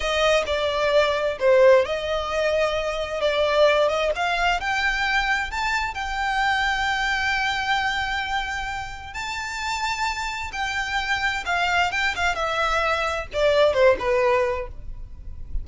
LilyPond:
\new Staff \with { instrumentName = "violin" } { \time 4/4 \tempo 4 = 131 dis''4 d''2 c''4 | dis''2. d''4~ | d''8 dis''8 f''4 g''2 | a''4 g''2.~ |
g''1 | a''2. g''4~ | g''4 f''4 g''8 f''8 e''4~ | e''4 d''4 c''8 b'4. | }